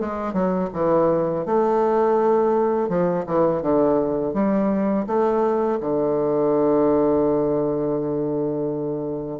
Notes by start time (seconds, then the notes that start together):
0.00 G#3
0.33 F#3
0.73 E3
1.46 A3
2.89 F3
3.26 E3
3.62 D3
4.33 G3
5.07 A3
5.80 D3